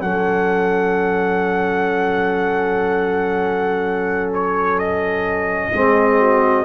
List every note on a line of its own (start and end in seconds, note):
0.00 5.71 F#3
0.00 5.73 C#4
0.00 5.73 A4
0.00 4.30 F#5
4.33 4.79 C#5
4.79 6.65 D#5
5.73 6.65 G#3
5.73 6.65 C4
5.73 6.20 G#4
6.20 6.65 F#4